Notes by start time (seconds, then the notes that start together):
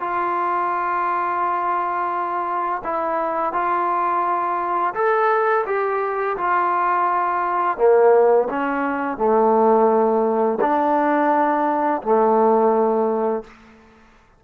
0.00 F4
2.84 E4
3.53 F4
4.94 A4
5.66 G4
6.37 F4
7.77 A#3
8.49 C#4
9.18 A3
10.61 D4
12.02 A3